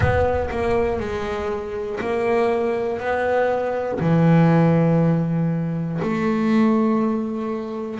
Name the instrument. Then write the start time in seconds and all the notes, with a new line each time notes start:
double bass
0.00 B3
0.50 A#3
0.99 G#3
2.00 A#3
3.00 B3
4.00 E3
6.01 A3